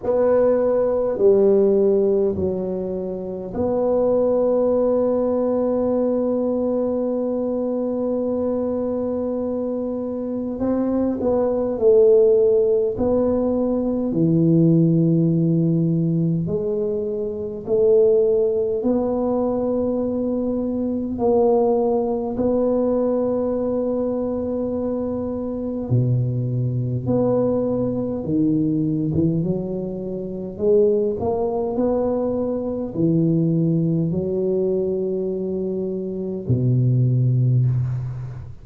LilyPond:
\new Staff \with { instrumentName = "tuba" } { \time 4/4 \tempo 4 = 51 b4 g4 fis4 b4~ | b1~ | b4 c'8 b8 a4 b4 | e2 gis4 a4 |
b2 ais4 b4~ | b2 b,4 b4 | dis8. e16 fis4 gis8 ais8 b4 | e4 fis2 b,4 | }